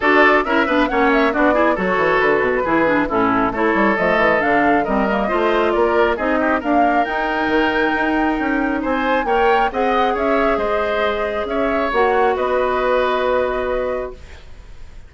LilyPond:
<<
  \new Staff \with { instrumentName = "flute" } { \time 4/4 \tempo 4 = 136 d''4 e''4 fis''8 e''8 d''4 | cis''4 b'2 a'4 | cis''4 dis''4 f''4 dis''4~ | dis''4 d''4 dis''4 f''4 |
g''1 | gis''4 g''4 fis''4 e''4 | dis''2 e''4 fis''4 | dis''1 | }
  \new Staff \with { instrumentName = "oboe" } { \time 4/4 a'4 ais'8 b'8 cis''4 fis'8 gis'8 | a'2 gis'4 e'4 | a'2. ais'4 | c''4 ais'4 gis'8 g'8 ais'4~ |
ais'1 | c''4 cis''4 dis''4 cis''4 | c''2 cis''2 | b'1 | }
  \new Staff \with { instrumentName = "clarinet" } { \time 4/4 fis'4 e'8 d'8 cis'4 d'8 e'8 | fis'2 e'8 d'8 cis'4 | e'4 a4 d'4 c'8 ais8 | f'2 dis'4 ais4 |
dis'1~ | dis'4 ais'4 gis'2~ | gis'2. fis'4~ | fis'1 | }
  \new Staff \with { instrumentName = "bassoon" } { \time 4/4 d'4 cis'8 b8 ais4 b4 | fis8 e8 d8 b,8 e4 a,4 | a8 g8 f8 e8 d4 g4 | a4 ais4 c'4 d'4 |
dis'4 dis4 dis'4 cis'4 | c'4 ais4 c'4 cis'4 | gis2 cis'4 ais4 | b1 | }
>>